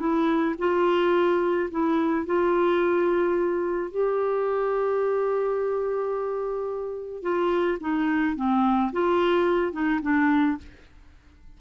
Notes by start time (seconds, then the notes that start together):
0.00 E4
0.59 F4
1.71 E4
2.26 F4
3.91 G4
7.23 F4
7.81 D#4
8.36 C4
8.93 F4
9.73 D#4
10.02 D4